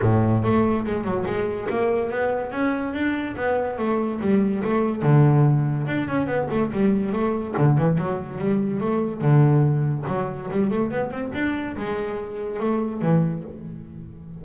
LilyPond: \new Staff \with { instrumentName = "double bass" } { \time 4/4 \tempo 4 = 143 a,4 a4 gis8 fis8 gis4 | ais4 b4 cis'4 d'4 | b4 a4 g4 a4 | d2 d'8 cis'8 b8 a8 |
g4 a4 d8 e8 fis4 | g4 a4 d2 | fis4 g8 a8 b8 c'8 d'4 | gis2 a4 e4 | }